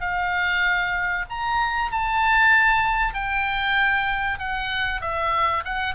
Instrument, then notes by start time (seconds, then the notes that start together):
oboe
0.00 F5
1.30 A#5
1.91 A5
3.14 G5
4.39 F#5
5.01 E5
5.64 F#5